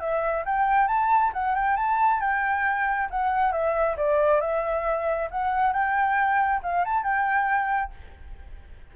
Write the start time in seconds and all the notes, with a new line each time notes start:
0.00 E5
0.45 G5
0.87 A5
1.33 F#5
1.55 G5
1.76 A5
2.21 G5
3.10 F#5
3.52 E5
3.97 D5
4.41 E5
5.31 F#5
5.73 G5
6.63 F5
6.85 A5
7.03 G5